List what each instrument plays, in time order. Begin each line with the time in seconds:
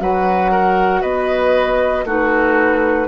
0.00 bassoon F#3, clarinet F#4, oboe B4, flute F#5
0.52 oboe A#4
1.01 bassoon B3, oboe B4, flute D#5
2.05 bassoon A3, clarinet D#4, oboe F#4, flute B4